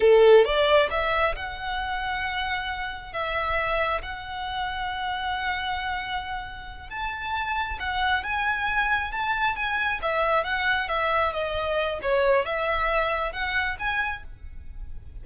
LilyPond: \new Staff \with { instrumentName = "violin" } { \time 4/4 \tempo 4 = 135 a'4 d''4 e''4 fis''4~ | fis''2. e''4~ | e''4 fis''2.~ | fis''2.~ fis''8 a''8~ |
a''4. fis''4 gis''4.~ | gis''8 a''4 gis''4 e''4 fis''8~ | fis''8 e''4 dis''4. cis''4 | e''2 fis''4 gis''4 | }